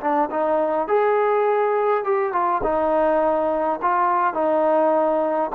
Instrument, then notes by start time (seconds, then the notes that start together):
trombone
0.00 D4
0.30 D#4
0.87 G#4
2.04 G4
2.32 F4
2.63 D#4
3.82 F4
4.34 D#4